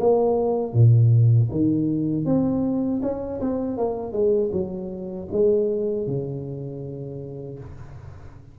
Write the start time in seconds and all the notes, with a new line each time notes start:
0.00 A#3
0.73 A#2
1.51 D#3
2.25 C4
3.02 C#4
3.41 C4
3.77 A#3
4.13 G#3
4.52 F#3
5.32 G#3
6.07 C#3